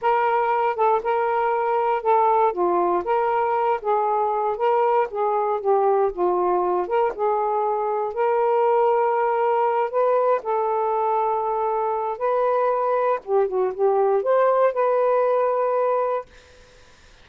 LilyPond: \new Staff \with { instrumentName = "saxophone" } { \time 4/4 \tempo 4 = 118 ais'4. a'8 ais'2 | a'4 f'4 ais'4. gis'8~ | gis'4 ais'4 gis'4 g'4 | f'4. ais'8 gis'2 |
ais'2.~ ais'8 b'8~ | b'8 a'2.~ a'8 | b'2 g'8 fis'8 g'4 | c''4 b'2. | }